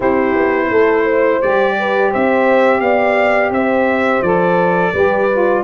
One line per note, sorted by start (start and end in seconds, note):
0.00 0.35 C4
0.00 1.40 E4
0.00 0.67 G4
0.00 1.41 C5
0.35 0.70 B3
0.70 1.41 A3
0.70 1.03 A4
1.03 1.74 C5
1.41 2.13 G3
1.41 4.24 G4
1.41 2.12 D5
1.78 2.10 B4
2.10 2.80 C4
2.10 2.80 C5
2.10 2.80 E5
2.80 3.50 B3
2.80 3.53 D5
2.80 3.50 F5
3.50 4.21 C4
3.50 4.92 C5
3.50 4.22 E5
4.22 4.93 F3
4.22 4.93 A4
4.22 5.63 D5
4.92 5.63 G3
4.92 5.28 G4
4.92 5.63 B4
5.32 5.63 F4